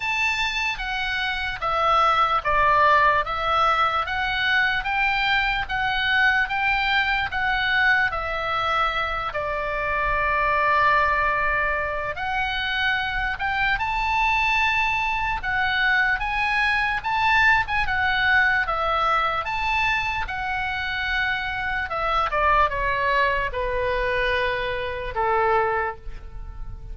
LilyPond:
\new Staff \with { instrumentName = "oboe" } { \time 4/4 \tempo 4 = 74 a''4 fis''4 e''4 d''4 | e''4 fis''4 g''4 fis''4 | g''4 fis''4 e''4. d''8~ | d''2. fis''4~ |
fis''8 g''8 a''2 fis''4 | gis''4 a''8. gis''16 fis''4 e''4 | a''4 fis''2 e''8 d''8 | cis''4 b'2 a'4 | }